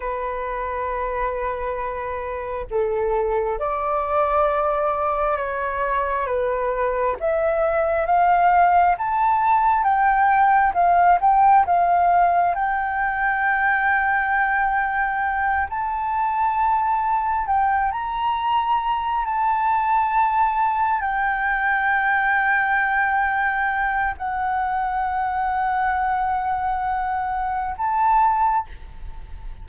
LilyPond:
\new Staff \with { instrumentName = "flute" } { \time 4/4 \tempo 4 = 67 b'2. a'4 | d''2 cis''4 b'4 | e''4 f''4 a''4 g''4 | f''8 g''8 f''4 g''2~ |
g''4. a''2 g''8 | ais''4. a''2 g''8~ | g''2. fis''4~ | fis''2. a''4 | }